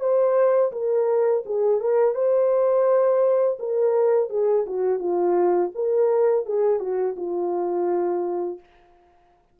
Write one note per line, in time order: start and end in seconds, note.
0.00 0.71 C5
0.72 1.44 A#4
1.45 1.80 G#4
1.80 2.15 A#4
2.15 3.58 C5
3.59 4.30 A#4
4.30 4.65 G#4
4.67 4.99 F#4
4.99 5.71 F4
5.75 6.45 A#4
6.45 6.80 G#4
6.80 7.15 F#4
7.17 8.59 F4